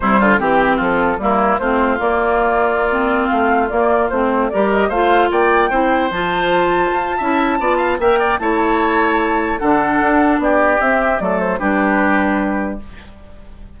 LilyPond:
<<
  \new Staff \with { instrumentName = "flute" } { \time 4/4 \tempo 4 = 150 c''4 g'4 a'4 ais'4 | c''4 d''2.~ | d''16 f''4 d''4 c''4 d''8 dis''16~ | dis''16 f''4 g''2 a''8.~ |
a''1 | g''4 a''2. | fis''2 d''4 e''4 | d''8 c''8 b'2. | }
  \new Staff \with { instrumentName = "oboe" } { \time 4/4 e'8 f'8 g'4 f'4 e'4 | f'1~ | f'2.~ f'16 ais'8.~ | ais'16 c''4 d''4 c''4.~ c''16~ |
c''2 e''4 d''8 f''8 | e''8 d''8 cis''2. | a'2 g'2 | a'4 g'2. | }
  \new Staff \with { instrumentName = "clarinet" } { \time 4/4 g4 c'2 ais4 | c'4 ais2~ ais16 c'8.~ | c'4~ c'16 ais4 c'4 g'8.~ | g'16 f'2 e'4 f'8.~ |
f'2 e'4 f'4 | ais'4 e'2. | d'2. c'4 | a4 d'2. | }
  \new Staff \with { instrumentName = "bassoon" } { \time 4/4 c8 d8 e4 f4 g4 | a4 ais2.~ | ais16 a4 ais4 a4 g8.~ | g16 a4 ais4 c'4 f8.~ |
f4~ f16 f'8. cis'4 b4 | ais4 a2. | d4 d'4 b4 c'4 | fis4 g2. | }
>>